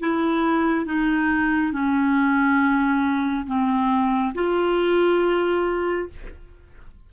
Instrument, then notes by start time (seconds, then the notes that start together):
clarinet
0.00 E4
0.86 D#4
1.72 C#4
3.47 C4
4.34 F4